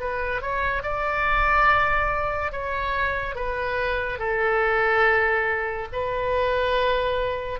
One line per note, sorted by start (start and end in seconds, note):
0.00 0.42 B4
0.42 0.83 C#5
0.83 2.52 D5
2.52 3.35 C#5
3.35 4.19 B4
4.19 5.88 A4
5.92 7.60 B4